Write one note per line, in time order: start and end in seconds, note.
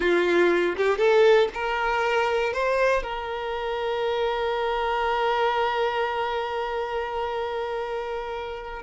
0.00 0.75 F4
0.77 0.98 G4
0.98 1.48 A4
1.54 2.53 A#4
2.53 3.03 C5
3.03 8.82 A#4